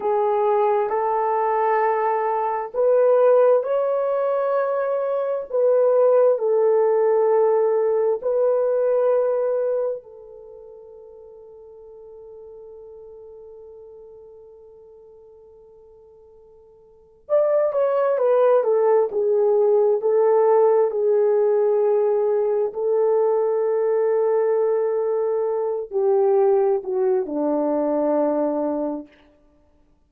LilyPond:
\new Staff \with { instrumentName = "horn" } { \time 4/4 \tempo 4 = 66 gis'4 a'2 b'4 | cis''2 b'4 a'4~ | a'4 b'2 a'4~ | a'1~ |
a'2. d''8 cis''8 | b'8 a'8 gis'4 a'4 gis'4~ | gis'4 a'2.~ | a'8 g'4 fis'8 d'2 | }